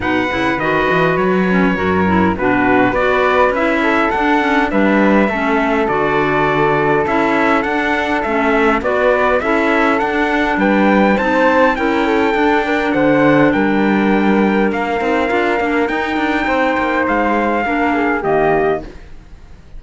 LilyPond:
<<
  \new Staff \with { instrumentName = "trumpet" } { \time 4/4 \tempo 4 = 102 fis''4 dis''4 cis''2 | b'4 d''4 e''4 fis''4 | e''2 d''2 | e''4 fis''4 e''4 d''4 |
e''4 fis''4 g''4 a''4 | g''2 fis''4 g''4~ | g''4 f''2 g''4~ | g''4 f''2 dis''4 | }
  \new Staff \with { instrumentName = "flute" } { \time 4/4 b'2. ais'4 | fis'4 b'4. a'4. | b'4 a'2.~ | a'2. b'4 |
a'2 b'4 c''4 | ais'8 a'4 ais'8 c''4 ais'4~ | ais'1 | c''2 ais'8 gis'8 g'4 | }
  \new Staff \with { instrumentName = "clarinet" } { \time 4/4 dis'8 e'8 fis'4. cis'8 fis'8 e'8 | d'4 fis'4 e'4 d'8 cis'8 | d'4 cis'4 fis'2 | e'4 d'4 cis'4 fis'4 |
e'4 d'2 dis'4 | e'4 d'2.~ | d'4. dis'8 f'8 d'8 dis'4~ | dis'2 d'4 ais4 | }
  \new Staff \with { instrumentName = "cello" } { \time 4/4 b,8 cis8 dis8 e8 fis4 fis,4 | b,4 b4 cis'4 d'4 | g4 a4 d2 | cis'4 d'4 a4 b4 |
cis'4 d'4 g4 c'4 | cis'4 d'4 d4 g4~ | g4 ais8 c'8 d'8 ais8 dis'8 d'8 | c'8 ais8 gis4 ais4 dis4 | }
>>